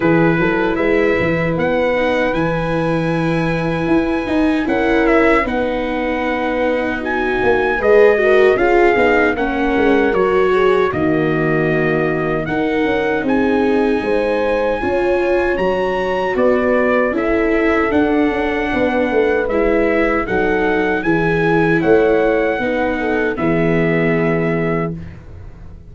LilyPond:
<<
  \new Staff \with { instrumentName = "trumpet" } { \time 4/4 \tempo 4 = 77 b'4 e''4 fis''4 gis''4~ | gis''2 fis''8 e''8 fis''4~ | fis''4 gis''4 dis''4 f''4 | fis''4 cis''4 dis''2 |
fis''4 gis''2. | ais''4 d''4 e''4 fis''4~ | fis''4 e''4 fis''4 gis''4 | fis''2 e''2 | }
  \new Staff \with { instrumentName = "horn" } { \time 4/4 gis'8 a'8 b'2.~ | b'2 ais'4 b'4~ | b'4 fis'4 b'8 ais'8 gis'4 | ais'4. gis'8 fis'2 |
ais'4 gis'4 c''4 cis''4~ | cis''4 b'4 a'2 | b'2 a'4 gis'4 | cis''4 b'8 a'8 gis'2 | }
  \new Staff \with { instrumentName = "viola" } { \time 4/4 e'2~ e'8 dis'8 e'4~ | e'4. dis'8 e'4 dis'4~ | dis'2 gis'8 fis'8 f'8 dis'8 | cis'4 fis'4 ais2 |
dis'2. f'4 | fis'2 e'4 d'4~ | d'4 e'4 dis'4 e'4~ | e'4 dis'4 b2 | }
  \new Staff \with { instrumentName = "tuba" } { \time 4/4 e8 fis8 gis8 e8 b4 e4~ | e4 e'8 dis'8 cis'4 b4~ | b4. ais8 gis4 cis'8 b8 | ais8 gis8 fis4 dis2 |
dis'8 cis'8 c'4 gis4 cis'4 | fis4 b4 cis'4 d'8 cis'8 | b8 a8 gis4 fis4 e4 | a4 b4 e2 | }
>>